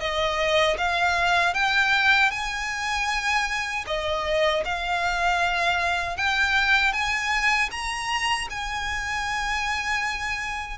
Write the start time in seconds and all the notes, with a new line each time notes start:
0.00 D#5
0.78 F5
1.54 G5
2.31 G#5
3.87 D#5
4.65 F5
6.17 G5
6.93 G#5
7.71 A#5
8.50 G#5